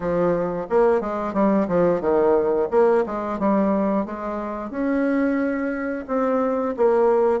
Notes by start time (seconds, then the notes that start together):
0.00 F3
0.69 A#3
1.01 G#3
1.33 G3
1.68 F3
2.00 D#3
2.70 A#3
3.06 G#3
3.39 G3
4.05 G#3
4.70 C#4
6.07 C4
6.76 A#3